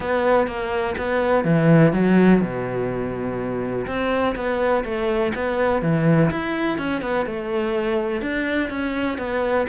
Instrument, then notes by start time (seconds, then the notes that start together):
cello
0.00 B3
0.47 A#3
0.97 B3
1.44 E3
1.92 F#3
2.41 B2
3.87 C4
4.35 B3
4.84 A3
5.34 B3
5.82 E3
6.30 E4
6.78 C#4
7.01 B3
7.25 A3
8.21 D4
8.69 C#4
9.18 B3